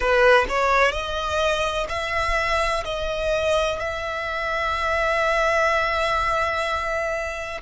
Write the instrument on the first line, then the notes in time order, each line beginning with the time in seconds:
violin
0.00 B4
0.48 C#5
0.91 D#5
1.88 E5
2.84 D#5
3.79 E5